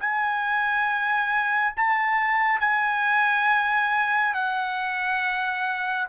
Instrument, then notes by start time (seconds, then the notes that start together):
trumpet
0.00 G#5
1.76 A5
2.60 G#5
4.34 F#5